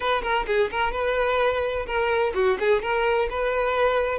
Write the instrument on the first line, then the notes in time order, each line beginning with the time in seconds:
violin
0.00 B4
0.22 A#4
0.47 G#4
0.71 A#4
0.92 B4
1.86 A#4
2.34 F#4
2.59 G#4
2.81 A#4
3.30 B4